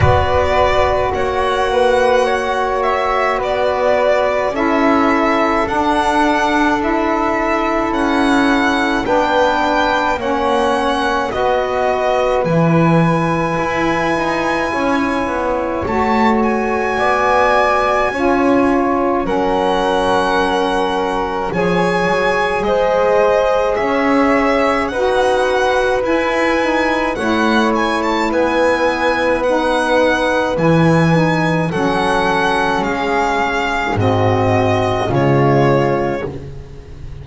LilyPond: <<
  \new Staff \with { instrumentName = "violin" } { \time 4/4 \tempo 4 = 53 d''4 fis''4. e''8 d''4 | e''4 fis''4 e''4 fis''4 | g''4 fis''4 dis''4 gis''4~ | gis''2 a''8 gis''4.~ |
gis''4 fis''2 gis''4 | dis''4 e''4 fis''4 gis''4 | fis''8 gis''16 a''16 gis''4 fis''4 gis''4 | fis''4 f''4 dis''4 cis''4 | }
  \new Staff \with { instrumentName = "flute" } { \time 4/4 b'4 cis''8 b'8 cis''4 b'4 | a'1 | b'4 cis''4 b'2~ | b'4 cis''2 d''4 |
cis''4 ais'2 cis''4 | c''4 cis''4 b'2 | cis''4 b'2. | a'4 gis'4 fis'4 f'4 | }
  \new Staff \with { instrumentName = "saxophone" } { \time 4/4 fis'1 | e'4 d'4 e'2 | d'4 cis'4 fis'4 e'4~ | e'2 fis'2 |
f'4 cis'2 gis'4~ | gis'2 fis'4 e'8 dis'8 | e'2 dis'4 e'8 dis'8 | cis'2 c'4 gis4 | }
  \new Staff \with { instrumentName = "double bass" } { \time 4/4 b4 ais2 b4 | cis'4 d'2 cis'4 | b4 ais4 b4 e4 | e'8 dis'8 cis'8 b8 a4 b4 |
cis'4 fis2 f8 fis8 | gis4 cis'4 dis'4 e'4 | a4 b2 e4 | fis4 gis4 gis,4 cis4 | }
>>